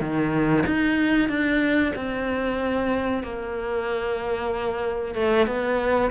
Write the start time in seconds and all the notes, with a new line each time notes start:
0.00 D#3
0.66 D#4
1.28 D4
1.95 C4
3.23 A#3
5.14 A3
5.46 B3